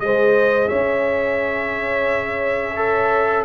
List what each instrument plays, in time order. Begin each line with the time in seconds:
0.00 tuba G#3, trombone G#4, horn C5, trumpet D#5
0.68 tuba C#4, horn C#5, trumpet E5
2.76 trombone A4